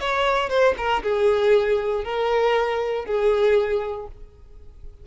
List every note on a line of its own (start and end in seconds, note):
0.00 0.49 C#5
0.49 0.74 C5
0.77 1.02 A#4
1.03 2.04 G#4
2.04 3.05 A#4
3.05 4.07 G#4